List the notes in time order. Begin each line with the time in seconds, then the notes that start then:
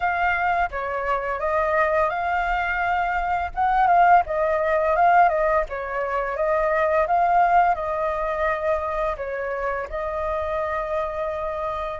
0.00 F5
0.71 C#5
1.39 D#5
2.09 F5
3.55 F#5
3.87 F5
4.25 D#5
4.96 F5
5.28 D#5
5.69 C#5
6.36 D#5
7.07 F5
7.75 D#5
9.16 C#5
9.89 D#5